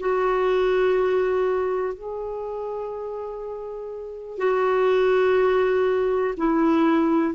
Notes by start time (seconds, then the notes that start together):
0.00 F#4
1.94 G#4
4.38 F#4
6.38 E4